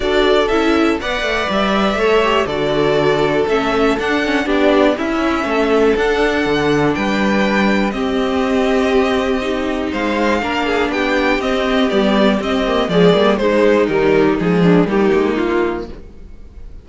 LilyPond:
<<
  \new Staff \with { instrumentName = "violin" } { \time 4/4 \tempo 4 = 121 d''4 e''4 fis''4 e''4~ | e''4 d''2 e''4 | fis''4 d''4 e''2 | fis''2 g''2 |
dis''1 | f''2 g''4 dis''4 | d''4 dis''4 d''4 c''4 | ais'4 gis'4 g'4 f'4 | }
  \new Staff \with { instrumentName = "violin" } { \time 4/4 a'2 d''2 | cis''4 a'2.~ | a'4 g'4 e'4 a'4~ | a'2 b'2 |
g'1 | c''4 ais'8 gis'8 g'2~ | g'2 gis'4 dis'4~ | dis'4. d'8 dis'2 | }
  \new Staff \with { instrumentName = "viola" } { \time 4/4 fis'4 e'4 b'2 | a'8 g'8 fis'2 cis'4 | d'8 cis'8 d'4 cis'2 | d'1 |
c'2. dis'4~ | dis'4 d'2 c'4 | b4 c'8 ais8 gis8 ais8 gis4 | g4 gis4 ais2 | }
  \new Staff \with { instrumentName = "cello" } { \time 4/4 d'4 cis'4 b8 a8 g4 | a4 d2 a4 | d'4 b4 cis'4 a4 | d'4 d4 g2 |
c'1 | gis4 ais4 b4 c'4 | g4 c'4 f8 g8 gis4 | dis4 f4 g8 gis8 ais4 | }
>>